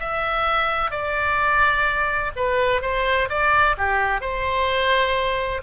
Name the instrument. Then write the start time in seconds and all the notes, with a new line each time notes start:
oboe
0.00 E5
0.92 D5
2.37 B4
2.82 C5
3.29 D5
3.78 G4
4.21 C5